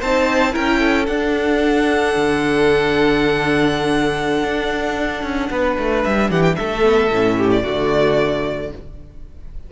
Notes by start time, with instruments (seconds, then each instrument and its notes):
0.00 cello C4, viola D#4, violin C5 A5
0.53 cello C#4, viola E4, violin A#4 G5
0.80 violin A4
1.07 cello D4, viola D4, violin F#5
2.17 cello D3
4.44 cello D4
5.23 cello C#4
5.51 cello B3, violin B4
5.79 cello A3
6.04 cello G3, violin E5
6.30 cello E3, violin G4 F#5
6.42 violin G5
6.56 cello A3, violin A4 E5
6.82 viola B3
7.11 cello A2, viola C#4
7.38 violin G4
7.52 violin D5
7.64 cello D3, viola A3, violin F#4